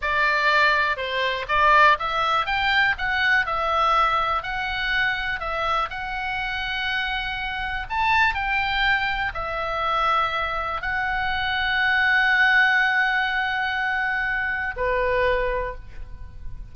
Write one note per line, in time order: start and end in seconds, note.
0.01 0.96 D5
0.96 1.46 C5
1.48 1.97 D5
1.99 2.46 E5
2.46 2.95 G5
2.98 3.46 F#5
3.46 4.42 E5
4.42 5.40 F#5
5.40 5.89 E5
5.90 7.86 F#5
7.89 8.34 A5
8.34 9.32 G5
9.34 10.81 E5
10.81 14.75 F#5
14.76 15.74 B4